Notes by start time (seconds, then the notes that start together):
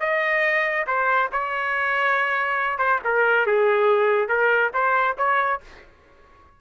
0.00 D#5
0.87 C5
1.32 C#5
2.78 C5
3.04 A#4
3.46 G#4
4.28 A#4
4.74 C5
5.18 C#5